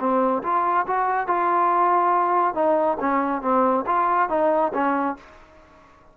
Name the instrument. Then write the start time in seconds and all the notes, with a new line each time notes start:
trombone
0.00 C4
0.44 F4
0.87 F#4
1.28 F4
2.55 D#4
3.01 C#4
3.42 C4
3.87 F4
4.30 D#4
4.74 C#4